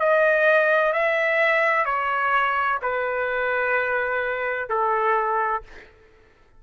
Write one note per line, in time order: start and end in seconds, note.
0.00 0.93 D#5
0.93 1.86 E5
1.86 2.80 C#5
2.83 4.70 B4
4.70 5.63 A4